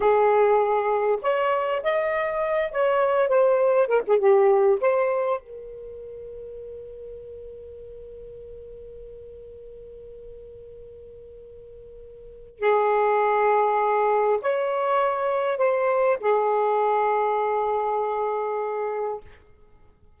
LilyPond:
\new Staff \with { instrumentName = "saxophone" } { \time 4/4 \tempo 4 = 100 gis'2 cis''4 dis''4~ | dis''8 cis''4 c''4 ais'16 gis'16 g'4 | c''4 ais'2.~ | ais'1~ |
ais'1~ | ais'4 gis'2. | cis''2 c''4 gis'4~ | gis'1 | }